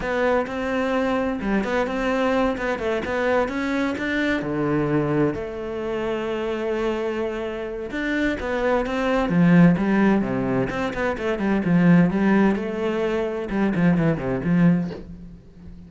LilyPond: \new Staff \with { instrumentName = "cello" } { \time 4/4 \tempo 4 = 129 b4 c'2 g8 b8 | c'4. b8 a8 b4 cis'8~ | cis'8 d'4 d2 a8~ | a1~ |
a4 d'4 b4 c'4 | f4 g4 c4 c'8 b8 | a8 g8 f4 g4 a4~ | a4 g8 f8 e8 c8 f4 | }